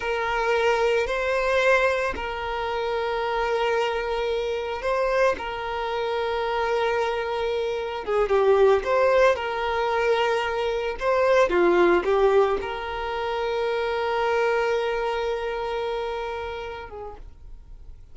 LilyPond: \new Staff \with { instrumentName = "violin" } { \time 4/4 \tempo 4 = 112 ais'2 c''2 | ais'1~ | ais'4 c''4 ais'2~ | ais'2. gis'8 g'8~ |
g'8 c''4 ais'2~ ais'8~ | ais'8 c''4 f'4 g'4 ais'8~ | ais'1~ | ais'2.~ ais'8 gis'8 | }